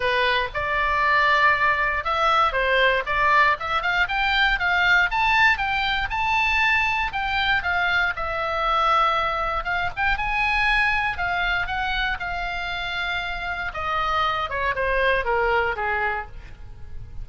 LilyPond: \new Staff \with { instrumentName = "oboe" } { \time 4/4 \tempo 4 = 118 b'4 d''2. | e''4 c''4 d''4 e''8 f''8 | g''4 f''4 a''4 g''4 | a''2 g''4 f''4 |
e''2. f''8 g''8 | gis''2 f''4 fis''4 | f''2. dis''4~ | dis''8 cis''8 c''4 ais'4 gis'4 | }